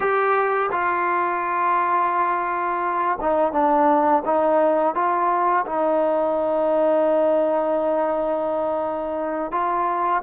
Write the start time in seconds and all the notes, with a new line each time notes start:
0.00 G4
0.71 F4
3.21 D#4
3.52 D4
4.25 D#4
4.94 F4
5.66 D#4
9.51 F4